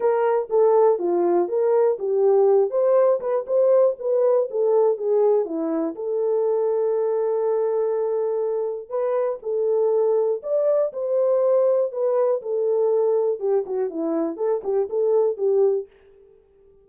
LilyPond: \new Staff \with { instrumentName = "horn" } { \time 4/4 \tempo 4 = 121 ais'4 a'4 f'4 ais'4 | g'4. c''4 b'8 c''4 | b'4 a'4 gis'4 e'4 | a'1~ |
a'2 b'4 a'4~ | a'4 d''4 c''2 | b'4 a'2 g'8 fis'8 | e'4 a'8 g'8 a'4 g'4 | }